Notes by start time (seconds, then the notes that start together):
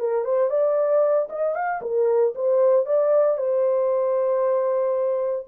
0.00 A#4
0.25 C5
0.50 D5
1.30 D#5
1.55 F5
1.82 A#4
2.35 C5
2.86 D5
3.38 C5